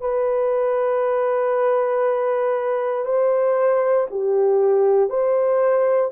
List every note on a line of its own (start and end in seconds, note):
0.00 3.05 B4
3.05 4.07 C5
4.10 5.09 G4
5.09 6.11 C5